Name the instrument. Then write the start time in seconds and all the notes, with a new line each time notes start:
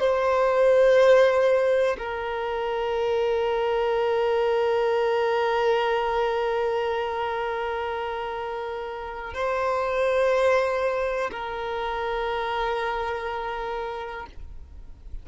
violin
0.00 C5
1.98 A#4
9.34 C5
11.32 A#4